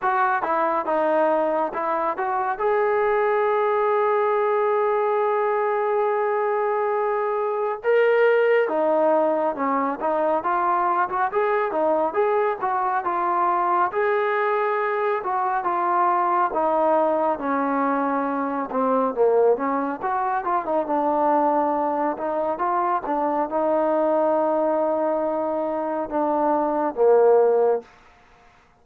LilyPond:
\new Staff \with { instrumentName = "trombone" } { \time 4/4 \tempo 4 = 69 fis'8 e'8 dis'4 e'8 fis'8 gis'4~ | gis'1~ | gis'4 ais'4 dis'4 cis'8 dis'8 | f'8. fis'16 gis'8 dis'8 gis'8 fis'8 f'4 |
gis'4. fis'8 f'4 dis'4 | cis'4. c'8 ais8 cis'8 fis'8 f'16 dis'16 | d'4. dis'8 f'8 d'8 dis'4~ | dis'2 d'4 ais4 | }